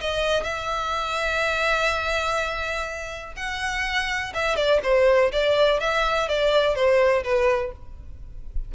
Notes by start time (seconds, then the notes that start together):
0.00 D#5
0.43 E5
3.36 F#5
4.34 E5
4.56 D5
4.83 C5
5.32 D5
5.80 E5
6.28 D5
6.75 C5
7.23 B4